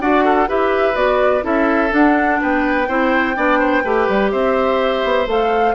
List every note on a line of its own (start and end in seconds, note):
0.00 0.48 D4
0.00 0.47 F#4
0.00 0.24 D5
0.00 0.49 F#5
0.24 0.48 A4
0.47 0.95 E4
0.47 0.94 G4
0.47 1.44 B4
0.47 0.95 E5
0.94 1.43 B3
0.94 1.41 F#4
0.94 1.43 D5
1.41 1.91 C#4
1.41 1.89 E4
1.41 2.40 A4
1.41 1.93 E5
1.90 2.86 D4
1.90 2.40 D4
1.90 2.41 F#5
2.41 2.88 B3
2.41 2.88 B4
2.41 4.31 G5
2.88 3.36 C4
2.88 3.35 E4
2.88 3.36 C5
3.35 3.84 B3
3.35 3.83 D4
3.35 3.58 D5
3.58 3.83 C5
3.84 4.08 A3
3.84 5.26 G4
3.84 4.31 B4
4.09 4.33 G3
4.31 5.04 C4
4.31 5.74 C5
4.31 5.27 E5
5.04 5.26 B3
5.26 5.74 A3
5.26 5.74 A4
5.26 5.74 F5